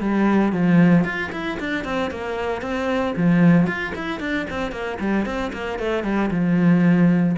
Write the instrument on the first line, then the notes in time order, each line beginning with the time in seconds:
cello
0.00 G3
0.52 F3
1.04 F4
1.32 E4
1.59 D4
1.84 C4
2.10 A#3
2.61 C4
3.16 F3
3.67 F4
3.95 E4
4.20 D4
4.50 C4
4.71 A#3
5.00 G3
5.25 C4
5.53 A#3
5.78 A3
6.03 G3
6.31 F3